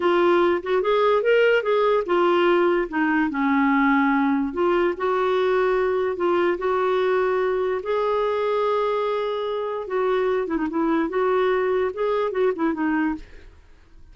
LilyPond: \new Staff \with { instrumentName = "clarinet" } { \time 4/4 \tempo 4 = 146 f'4. fis'8 gis'4 ais'4 | gis'4 f'2 dis'4 | cis'2. f'4 | fis'2. f'4 |
fis'2. gis'4~ | gis'1 | fis'4. e'16 dis'16 e'4 fis'4~ | fis'4 gis'4 fis'8 e'8 dis'4 | }